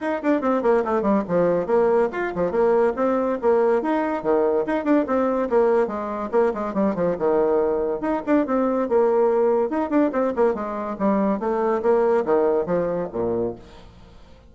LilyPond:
\new Staff \with { instrumentName = "bassoon" } { \time 4/4 \tempo 4 = 142 dis'8 d'8 c'8 ais8 a8 g8 f4 | ais4 f'8 f8 ais4 c'4 | ais4 dis'4 dis4 dis'8 d'8 | c'4 ais4 gis4 ais8 gis8 |
g8 f8 dis2 dis'8 d'8 | c'4 ais2 dis'8 d'8 | c'8 ais8 gis4 g4 a4 | ais4 dis4 f4 ais,4 | }